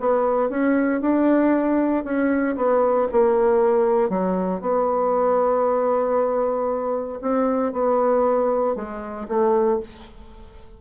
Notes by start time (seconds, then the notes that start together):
0.00 B3
0.50 C#4
1.01 D4
2.04 C#4
2.57 B3
3.12 A#3
4.10 F#3
4.61 B3
7.22 C4
7.73 B3
8.76 G#3
9.28 A3